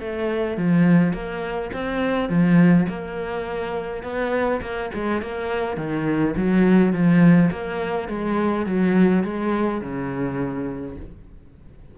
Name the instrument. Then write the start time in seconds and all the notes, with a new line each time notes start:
cello
0.00 A3
0.57 F3
1.13 A#3
1.73 C4
2.29 F3
2.88 A#3
4.03 B3
4.61 A#3
4.94 G#3
5.22 A#3
5.77 D#3
6.36 F#3
6.93 F3
7.51 A#3
8.08 G#3
8.66 F#3
9.23 G#3
9.81 C#3